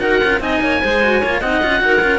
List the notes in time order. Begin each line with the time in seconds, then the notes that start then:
0.00 D#4 F#4 A#4 F#5
0.24 C#4 F4
0.39 C4 D#4 D#5 G#5
0.61 A#3 C#5
0.81 G#3 G#4 C5
1.02 F#4
1.21 A#3 F4 C#5
1.40 C4 D#4 D#5 F#5
1.62 C#4 F4
1.80 D#4 F#4 A#4
2.01 C#4 F4